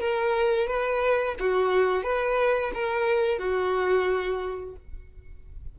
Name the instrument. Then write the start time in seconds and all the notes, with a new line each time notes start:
violin
0.00 A#4
0.67 B4
1.39 F#4
2.03 B4
2.74 A#4
3.38 F#4